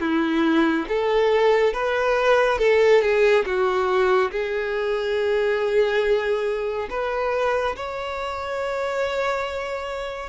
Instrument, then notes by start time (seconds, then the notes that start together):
violin
0.00 E4
0.88 A4
1.73 B4
2.58 A4
3.02 G#4
3.45 F#4
4.31 G#4
6.90 B4
7.76 C#5